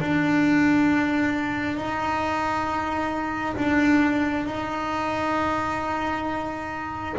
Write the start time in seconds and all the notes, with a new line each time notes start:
0.00 D4
1.77 D#4
3.57 D4
4.46 D#4